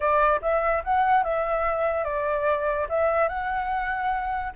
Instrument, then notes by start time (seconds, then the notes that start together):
flute
0.00 D5
0.41 E5
0.84 F#5
1.23 E5
2.04 D5
2.89 E5
3.28 F#5